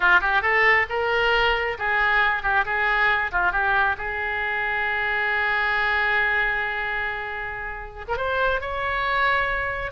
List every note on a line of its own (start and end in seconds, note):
0.00 0.20 F4
0.20 0.42 G4
0.42 0.86 A4
0.89 1.77 A#4
1.78 2.42 G#4
2.42 2.65 G4
2.65 3.31 G#4
3.31 3.52 F4
3.52 3.96 G4
3.97 8.05 G#4
8.07 8.16 A#4
8.16 8.60 C5
8.60 9.91 C#5